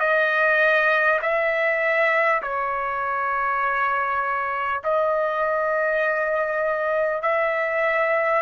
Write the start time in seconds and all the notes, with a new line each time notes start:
0.00 D#5
1.22 E5
2.43 C#5
4.84 D#5
7.22 E5